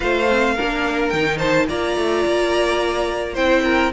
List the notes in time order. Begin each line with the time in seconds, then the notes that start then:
0.00 A3 F4 C5 F5
0.28 C4
0.54 A#3 D4 A#4
1.09 D#3 D#4 G5
1.37 C5 A5
1.68 A#3 F4 D5 A#5
1.97 A3
2.25 A#3
3.33 C4 E4 C5 G5
3.64 A#4